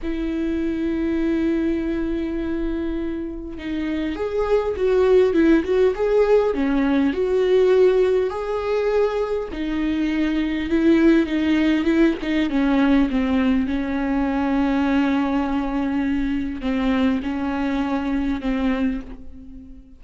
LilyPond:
\new Staff \with { instrumentName = "viola" } { \time 4/4 \tempo 4 = 101 e'1~ | e'2 dis'4 gis'4 | fis'4 e'8 fis'8 gis'4 cis'4 | fis'2 gis'2 |
dis'2 e'4 dis'4 | e'8 dis'8 cis'4 c'4 cis'4~ | cis'1 | c'4 cis'2 c'4 | }